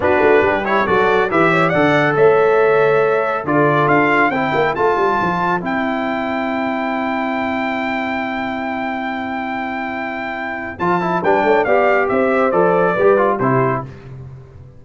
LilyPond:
<<
  \new Staff \with { instrumentName = "trumpet" } { \time 4/4 \tempo 4 = 139 b'4. cis''8 d''4 e''4 | fis''4 e''2. | d''4 f''4 g''4 a''4~ | a''4 g''2.~ |
g''1~ | g''1~ | g''4 a''4 g''4 f''4 | e''4 d''2 c''4 | }
  \new Staff \with { instrumentName = "horn" } { \time 4/4 fis'4 g'4 a'4 b'8 cis''8 | d''4 cis''2. | a'2 c''2~ | c''1~ |
c''1~ | c''1~ | c''2 b'8 cis''8 d''4 | c''2 b'4 g'4 | }
  \new Staff \with { instrumentName = "trombone" } { \time 4/4 d'4. e'8 fis'4 g'4 | a'1 | f'2 e'4 f'4~ | f'4 e'2.~ |
e'1~ | e'1~ | e'4 f'8 e'8 d'4 g'4~ | g'4 a'4 g'8 f'8 e'4 | }
  \new Staff \with { instrumentName = "tuba" } { \time 4/4 b8 a8 g4 fis4 e4 | d4 a2. | d4 d'4 c'8 ais8 a8 g8 | f4 c'2.~ |
c'1~ | c'1~ | c'4 f4 g8 a8 b4 | c'4 f4 g4 c4 | }
>>